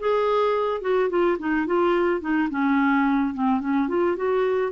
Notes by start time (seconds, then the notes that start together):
0.00 G#4
0.82 F#4
1.10 F4
1.39 D#4
1.67 F4
2.21 D#4
2.51 C#4
3.34 C4
3.61 C#4
3.89 F4
4.17 F#4